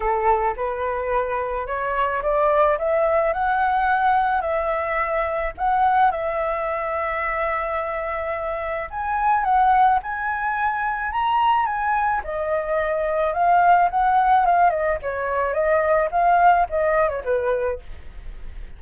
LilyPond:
\new Staff \with { instrumentName = "flute" } { \time 4/4 \tempo 4 = 108 a'4 b'2 cis''4 | d''4 e''4 fis''2 | e''2 fis''4 e''4~ | e''1 |
gis''4 fis''4 gis''2 | ais''4 gis''4 dis''2 | f''4 fis''4 f''8 dis''8 cis''4 | dis''4 f''4 dis''8. cis''16 b'4 | }